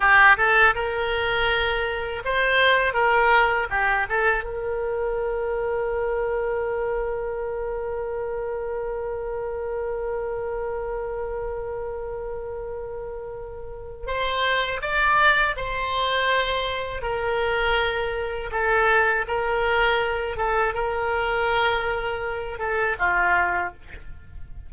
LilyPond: \new Staff \with { instrumentName = "oboe" } { \time 4/4 \tempo 4 = 81 g'8 a'8 ais'2 c''4 | ais'4 g'8 a'8 ais'2~ | ais'1~ | ais'1~ |
ais'2. c''4 | d''4 c''2 ais'4~ | ais'4 a'4 ais'4. a'8 | ais'2~ ais'8 a'8 f'4 | }